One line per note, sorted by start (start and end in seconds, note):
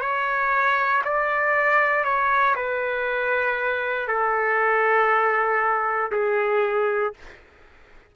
0.00 1.02 C#5
1.04 2.04 D5
2.04 2.55 C#5
2.55 4.08 B4
4.08 6.11 A4
6.12 7.13 G#4